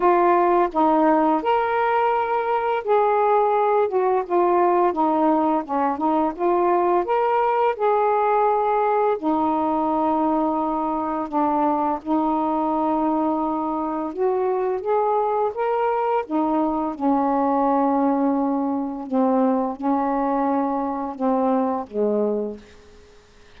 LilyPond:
\new Staff \with { instrumentName = "saxophone" } { \time 4/4 \tempo 4 = 85 f'4 dis'4 ais'2 | gis'4. fis'8 f'4 dis'4 | cis'8 dis'8 f'4 ais'4 gis'4~ | gis'4 dis'2. |
d'4 dis'2. | fis'4 gis'4 ais'4 dis'4 | cis'2. c'4 | cis'2 c'4 gis4 | }